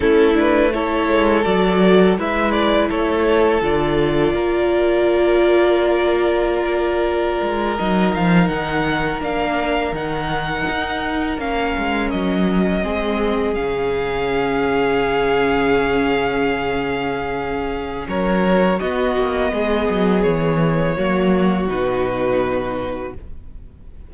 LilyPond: <<
  \new Staff \with { instrumentName = "violin" } { \time 4/4 \tempo 4 = 83 a'8 b'8 cis''4 d''4 e''8 d''8 | cis''4 d''2.~ | d''2~ d''8. dis''8 f''8 fis''16~ | fis''8. f''4 fis''2 f''16~ |
f''8. dis''2 f''4~ f''16~ | f''1~ | f''4 cis''4 dis''2 | cis''2 b'2 | }
  \new Staff \with { instrumentName = "violin" } { \time 4/4 e'4 a'2 b'4 | a'2 ais'2~ | ais'1~ | ais'1~ |
ais'4.~ ais'16 gis'2~ gis'16~ | gis'1~ | gis'4 ais'4 fis'4 gis'4~ | gis'4 fis'2. | }
  \new Staff \with { instrumentName = "viola" } { \time 4/4 cis'8 d'8 e'4 fis'4 e'4~ | e'4 f'2.~ | f'2~ f'8. dis'4~ dis'16~ | dis'8. d'4 dis'2 cis'16~ |
cis'4.~ cis'16 c'4 cis'4~ cis'16~ | cis'1~ | cis'2 b2~ | b4 ais4 dis'2 | }
  \new Staff \with { instrumentName = "cello" } { \time 4/4 a4. gis8 fis4 gis4 | a4 d4 ais2~ | ais2~ ais16 gis8 fis8 f8 dis16~ | dis8. ais4 dis4 dis'4 ais16~ |
ais16 gis8 fis4 gis4 cis4~ cis16~ | cis1~ | cis4 fis4 b8 ais8 gis8 fis8 | e4 fis4 b,2 | }
>>